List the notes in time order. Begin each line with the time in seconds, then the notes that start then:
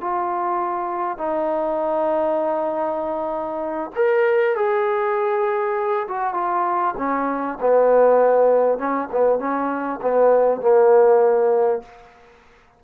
0.00 F4
1.17 D#4
3.95 A#4
4.55 G#4
6.07 F#4
6.34 F4
6.97 C#4
7.60 B3
8.78 C#4
9.11 B3
9.39 C#4
10.01 B3
10.61 A#3